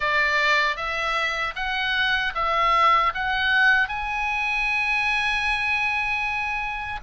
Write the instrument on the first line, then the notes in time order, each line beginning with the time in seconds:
oboe
0.00 D5
0.76 E5
1.55 F#5
2.34 E5
3.14 F#5
3.88 G#5